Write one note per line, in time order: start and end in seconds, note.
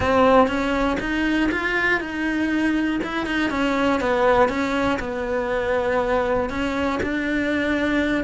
0.00 0.47 C4
0.47 0.97 C#4
1.00 1.50 D#4
1.51 2.00 F4
2.00 3.00 D#4
3.03 3.25 E4
3.25 3.50 D#4
3.50 4.00 C#4
4.00 4.48 B3
4.48 4.98 C#4
4.99 6.49 B3
6.49 6.99 C#4
7.02 8.24 D4